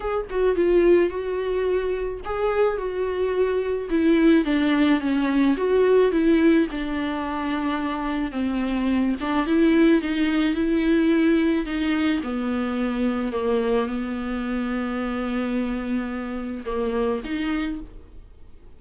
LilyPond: \new Staff \with { instrumentName = "viola" } { \time 4/4 \tempo 4 = 108 gis'8 fis'8 f'4 fis'2 | gis'4 fis'2 e'4 | d'4 cis'4 fis'4 e'4 | d'2. c'4~ |
c'8 d'8 e'4 dis'4 e'4~ | e'4 dis'4 b2 | ais4 b2.~ | b2 ais4 dis'4 | }